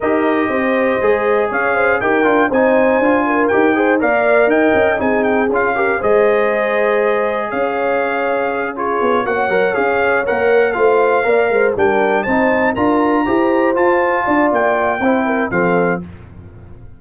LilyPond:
<<
  \new Staff \with { instrumentName = "trumpet" } { \time 4/4 \tempo 4 = 120 dis''2. f''4 | g''4 gis''2 g''4 | f''4 g''4 gis''8 g''8 f''4 | dis''2. f''4~ |
f''4. cis''4 fis''4 f''8~ | f''8 fis''4 f''2 g''8~ | g''8 a''4 ais''2 a''8~ | a''4 g''2 f''4 | }
  \new Staff \with { instrumentName = "horn" } { \time 4/4 ais'4 c''2 cis''8 c''8 | ais'4 c''4. ais'4 c''8 | d''4 dis''4 gis'4. ais'8 | c''2. cis''4~ |
cis''4. gis'4 cis''4.~ | cis''4. c''4 d''8 c''8 ais'8~ | ais'8 c''4 ais'4 c''4.~ | c''8 d''4. c''8 ais'8 a'4 | }
  \new Staff \with { instrumentName = "trombone" } { \time 4/4 g'2 gis'2 | g'8 f'8 dis'4 f'4 g'8 gis'8 | ais'2 dis'4 f'8 g'8 | gis'1~ |
gis'4. f'4 fis'8 ais'8 gis'8~ | gis'8 ais'4 f'4 ais'4 d'8~ | d'8 dis'4 f'4 g'4 f'8~ | f'2 e'4 c'4 | }
  \new Staff \with { instrumentName = "tuba" } { \time 4/4 dis'4 c'4 gis4 cis'4 | dis'8 d'8 c'4 d'4 dis'4 | ais4 dis'8 cis'8 c'4 cis'4 | gis2. cis'4~ |
cis'2 b8 ais8 fis8 cis'8~ | cis'8 ais4 a4 ais8 gis8 g8~ | g8 c'4 d'4 e'4 f'8~ | f'8 d'8 ais4 c'4 f4 | }
>>